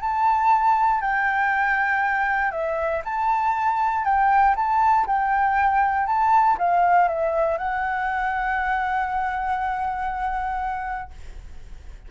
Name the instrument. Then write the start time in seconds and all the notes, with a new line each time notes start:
flute
0.00 A5
1.01 G5
2.51 E5
3.04 A5
4.04 G5
4.56 A5
5.06 G5
6.06 A5
6.58 F5
7.08 E5
7.58 F#5